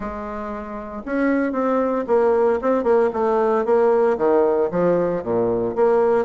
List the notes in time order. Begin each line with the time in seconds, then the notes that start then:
0.00 G#3
1.05 C#4
1.52 C4
2.07 A#3
2.61 C4
2.83 A#3
3.13 A3
3.65 A#3
4.17 D#3
4.71 F3
5.23 A#2
5.75 A#3